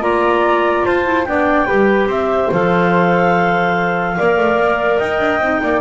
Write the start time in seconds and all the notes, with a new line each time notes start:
0.00 A#3 F4 D5 A#5
0.85 F4 C5 A5
1.03 E4
1.24 B3 D4 D5 G5
1.66 G3 G4 B4
2.06 C4 C5 E5
2.52 F3 A4 F5
4.17 A#3 A#4 D5
4.37 A3
4.56 A#3
4.98 D#4 D#5 G5
5.19 D4
5.39 C4 D#4
5.62 A#3 D5